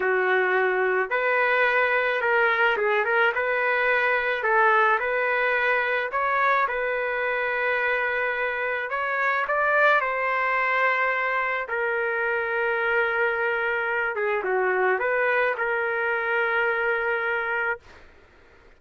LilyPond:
\new Staff \with { instrumentName = "trumpet" } { \time 4/4 \tempo 4 = 108 fis'2 b'2 | ais'4 gis'8 ais'8 b'2 | a'4 b'2 cis''4 | b'1 |
cis''4 d''4 c''2~ | c''4 ais'2.~ | ais'4. gis'8 fis'4 b'4 | ais'1 | }